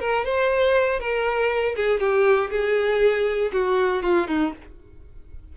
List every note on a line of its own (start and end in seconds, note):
0.00 0.25 A#4
0.25 1.00 C5
1.00 1.76 A#4
1.76 2.00 G#4
2.00 2.50 G4
2.51 3.52 G#4
3.53 4.03 F#4
4.03 4.27 F4
4.27 4.53 D#4